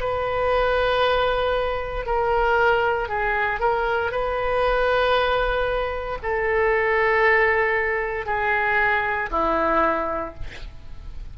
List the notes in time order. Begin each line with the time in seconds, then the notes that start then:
0.00 B4
2.06 A#4
3.09 G#4
3.60 A#4
4.11 B4
6.23 A4
8.26 G#4
9.31 E4